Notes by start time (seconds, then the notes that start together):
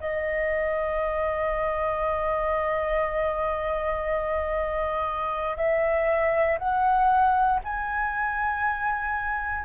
0.00 D#5
5.57 E5
6.58 F#5
7.64 G#5